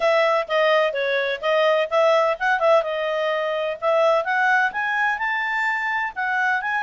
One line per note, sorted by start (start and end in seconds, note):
0.00 0.47 E5
0.48 0.93 D#5
0.93 1.40 C#5
1.41 1.88 D#5
1.90 2.37 E5
2.39 2.59 F#5
2.59 2.82 E5
2.82 3.77 D#5
3.81 4.24 E5
4.24 4.71 F#5
4.72 5.18 G#5
5.18 6.13 A5
6.15 6.61 F#5
6.61 6.83 G#5